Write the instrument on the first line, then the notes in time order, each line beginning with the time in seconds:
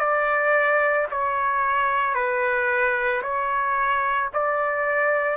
trumpet
0.00 D5
1.11 C#5
2.15 B4
3.22 C#5
4.33 D5